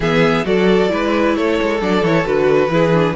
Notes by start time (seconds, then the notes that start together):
0.00 E3 B3 G#4 E5
0.44 F#3 F#4 A4 D5
0.88 G#3 E4 B4
1.35 A3 A4 C#5
1.61 G#3
1.80 F#3 D4 D5
2.02 E3 E4 C#5
2.24 D3 F#4 B4
2.68 E3 E4 G#4
2.92 D4